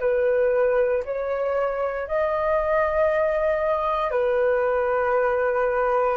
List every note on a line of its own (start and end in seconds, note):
0.00 1.03 B4
1.05 2.08 C#5
2.08 4.11 D#5
4.11 6.17 B4